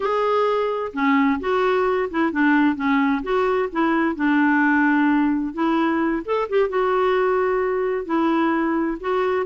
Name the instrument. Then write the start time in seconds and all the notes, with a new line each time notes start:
clarinet
0.00 G#4
0.93 C#4
1.40 F#4
2.10 E4
2.32 D4
2.75 C#4
3.23 F#4
3.72 E4
4.15 D4
5.53 E4
6.25 A4
6.49 G4
6.69 F#4
8.05 E4
9.00 F#4